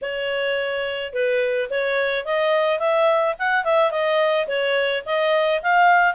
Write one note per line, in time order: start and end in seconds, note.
0.01 1.13 C#5
1.13 1.69 B4
1.70 2.25 C#5
2.25 2.79 D#5
2.79 3.35 E5
3.38 3.64 F#5
3.64 3.91 E5
3.91 4.47 D#5
4.47 5.03 C#5
5.05 5.61 D#5
5.62 6.14 F5